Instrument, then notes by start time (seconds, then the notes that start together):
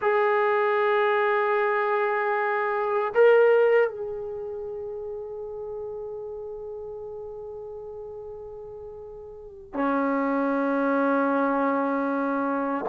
trombone
0.01 G#4
3.14 A#4
3.89 G#4
9.73 C#4